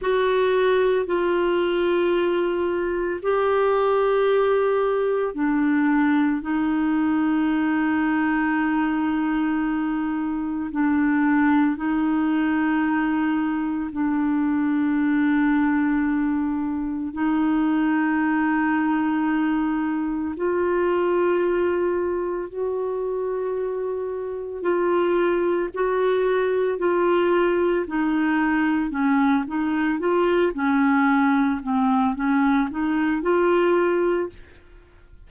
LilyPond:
\new Staff \with { instrumentName = "clarinet" } { \time 4/4 \tempo 4 = 56 fis'4 f'2 g'4~ | g'4 d'4 dis'2~ | dis'2 d'4 dis'4~ | dis'4 d'2. |
dis'2. f'4~ | f'4 fis'2 f'4 | fis'4 f'4 dis'4 cis'8 dis'8 | f'8 cis'4 c'8 cis'8 dis'8 f'4 | }